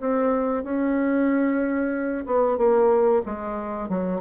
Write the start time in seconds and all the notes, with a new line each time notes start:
0.00 C4
0.63 C#4
2.26 B3
2.57 A#3
3.26 G#3
3.89 F#3